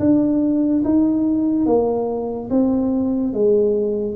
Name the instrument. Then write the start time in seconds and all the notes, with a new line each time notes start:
tuba
0.00 D4
0.84 D#4
1.66 A#3
2.50 C4
3.33 G#3